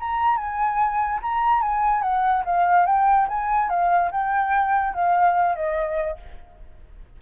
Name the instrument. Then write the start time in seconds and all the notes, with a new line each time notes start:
flute
0.00 A#5
0.37 G#5
1.22 A#5
1.62 G#5
2.02 F#5
2.45 F5
2.86 G5
3.28 G#5
3.70 F5
4.12 G5
4.94 F5
5.55 D#5